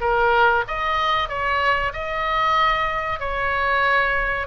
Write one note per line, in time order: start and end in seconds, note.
0.00 0.64 A#4
0.67 1.28 D#5
1.28 1.92 C#5
1.93 3.19 D#5
3.19 4.47 C#5